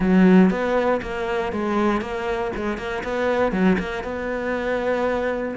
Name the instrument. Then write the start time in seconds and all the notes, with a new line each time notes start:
cello
0.00 F#3
0.50 B3
1.02 A#3
1.52 G#3
2.01 A#3
2.56 G#3
2.77 A#3
3.03 B3
3.52 F#3
3.78 A#3
4.03 B3